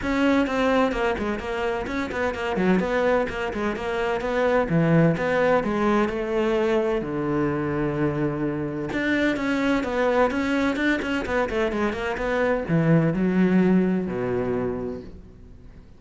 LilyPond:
\new Staff \with { instrumentName = "cello" } { \time 4/4 \tempo 4 = 128 cis'4 c'4 ais8 gis8 ais4 | cis'8 b8 ais8 fis8 b4 ais8 gis8 | ais4 b4 e4 b4 | gis4 a2 d4~ |
d2. d'4 | cis'4 b4 cis'4 d'8 cis'8 | b8 a8 gis8 ais8 b4 e4 | fis2 b,2 | }